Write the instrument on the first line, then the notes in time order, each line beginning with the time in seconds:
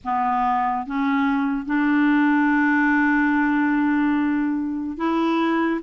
clarinet
0.04 B3
0.86 C#4
1.65 D4
4.97 E4